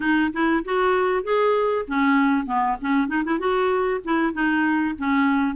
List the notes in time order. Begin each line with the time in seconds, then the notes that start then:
0.00 D#4
0.33 E4
0.64 F#4
1.23 G#4
1.87 C#4
2.46 B3
2.81 C#4
3.08 D#4
3.24 E4
3.39 F#4
4.04 E4
4.33 D#4
4.98 C#4